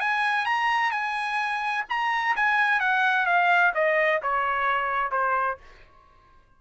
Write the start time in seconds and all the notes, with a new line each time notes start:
0.00 G#5
0.46 A#5
0.91 G#5
1.89 A#5
2.36 G#5
2.80 F#5
3.26 F5
3.74 D#5
4.22 C#5
5.11 C5